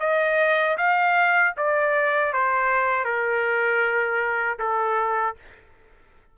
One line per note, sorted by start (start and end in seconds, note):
0.00 0.77 D#5
0.78 1.55 F5
1.57 2.33 D5
2.33 3.05 C5
3.05 4.58 A#4
4.59 5.36 A4